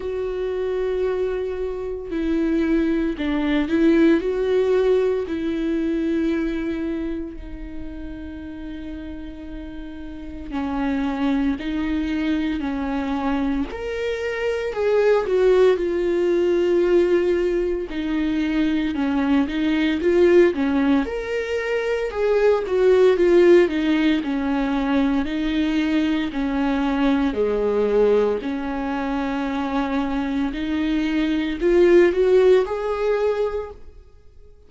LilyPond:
\new Staff \with { instrumentName = "viola" } { \time 4/4 \tempo 4 = 57 fis'2 e'4 d'8 e'8 | fis'4 e'2 dis'4~ | dis'2 cis'4 dis'4 | cis'4 ais'4 gis'8 fis'8 f'4~ |
f'4 dis'4 cis'8 dis'8 f'8 cis'8 | ais'4 gis'8 fis'8 f'8 dis'8 cis'4 | dis'4 cis'4 gis4 cis'4~ | cis'4 dis'4 f'8 fis'8 gis'4 | }